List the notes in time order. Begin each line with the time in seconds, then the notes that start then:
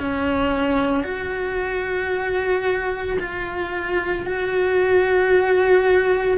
0.00 C#4
1.04 F#4
3.19 F4
4.27 F#4